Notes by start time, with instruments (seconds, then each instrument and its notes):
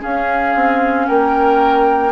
0.00 clarinet C#4, bassoon C#4, oboe G#4, flute F5
0.55 bassoon C4
1.07 bassoon A#3, oboe A#4, flute G5